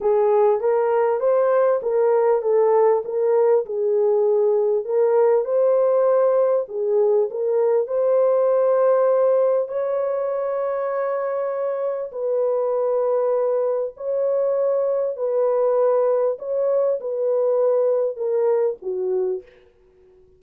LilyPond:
\new Staff \with { instrumentName = "horn" } { \time 4/4 \tempo 4 = 99 gis'4 ais'4 c''4 ais'4 | a'4 ais'4 gis'2 | ais'4 c''2 gis'4 | ais'4 c''2. |
cis''1 | b'2. cis''4~ | cis''4 b'2 cis''4 | b'2 ais'4 fis'4 | }